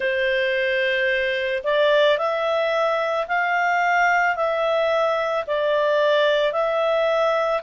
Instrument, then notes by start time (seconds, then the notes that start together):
clarinet
0.00 C5
1.63 D5
2.18 E5
3.27 F5
4.35 E5
5.46 D5
6.52 E5